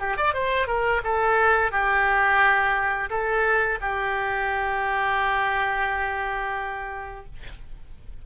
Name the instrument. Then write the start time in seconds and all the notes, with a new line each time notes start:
oboe
0.00 G4
0.18 D5
0.34 C5
0.68 A#4
1.04 A4
1.72 G4
3.10 A4
3.82 G4